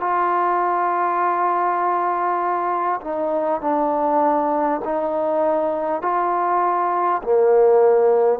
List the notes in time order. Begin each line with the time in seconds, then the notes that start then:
0.00 F4
3.01 D#4
3.61 D4
4.84 D#4
6.02 F4
7.23 A#3